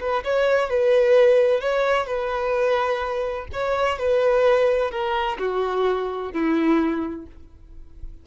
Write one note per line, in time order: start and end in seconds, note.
0.00 0.23 B4
0.24 0.69 C#5
0.69 1.60 B4
1.60 2.06 C#5
2.06 3.47 B4
3.53 3.98 C#5
3.98 4.91 B4
4.91 5.38 A#4
5.39 6.32 F#4
6.33 7.26 E4